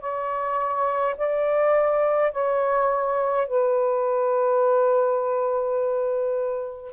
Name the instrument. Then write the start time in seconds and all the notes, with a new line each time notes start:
saxophone
0.00 C#5
1.17 D5
2.32 C#5
3.47 B4